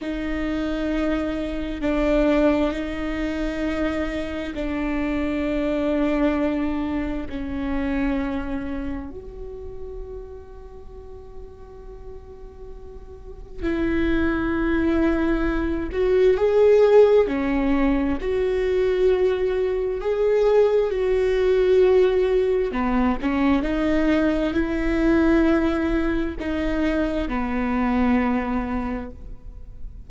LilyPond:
\new Staff \with { instrumentName = "viola" } { \time 4/4 \tempo 4 = 66 dis'2 d'4 dis'4~ | dis'4 d'2. | cis'2 fis'2~ | fis'2. e'4~ |
e'4. fis'8 gis'4 cis'4 | fis'2 gis'4 fis'4~ | fis'4 b8 cis'8 dis'4 e'4~ | e'4 dis'4 b2 | }